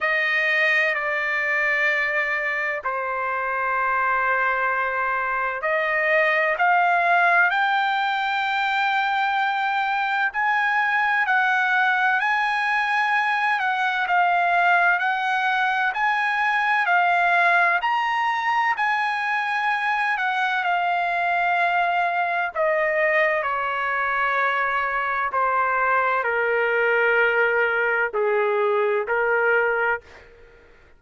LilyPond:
\new Staff \with { instrumentName = "trumpet" } { \time 4/4 \tempo 4 = 64 dis''4 d''2 c''4~ | c''2 dis''4 f''4 | g''2. gis''4 | fis''4 gis''4. fis''8 f''4 |
fis''4 gis''4 f''4 ais''4 | gis''4. fis''8 f''2 | dis''4 cis''2 c''4 | ais'2 gis'4 ais'4 | }